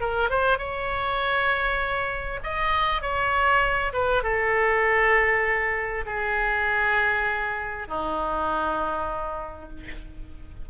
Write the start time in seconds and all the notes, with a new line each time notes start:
0.00 A#4
0.30 C5
0.58 C#5
2.43 D#5
3.02 C#5
3.93 B4
4.23 A4
6.06 G#4
7.88 D#4